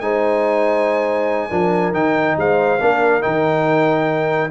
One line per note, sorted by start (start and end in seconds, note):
0.00 1.50 G#3
0.00 1.50 D#4
0.00 1.49 C5
0.00 1.93 G#5
1.49 1.93 F3
1.49 1.93 D4
1.49 2.35 A#4
1.93 2.36 D#3
1.93 2.78 D#4
1.93 2.36 G5
2.37 2.79 G#3
2.37 2.81 C5
2.37 3.22 F5
2.79 3.24 A#3
2.79 3.21 D4
2.79 4.50 A#4
3.21 4.50 D#3
3.21 4.49 D#4
3.21 4.50 G5